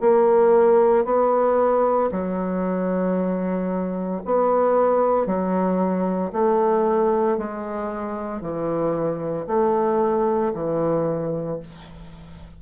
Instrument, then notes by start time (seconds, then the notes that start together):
bassoon
0.00 A#3
1.04 B3
2.11 F#3
4.25 B3
5.26 F#3
6.32 A3
7.37 G#3
8.41 E3
9.46 A3
10.53 E3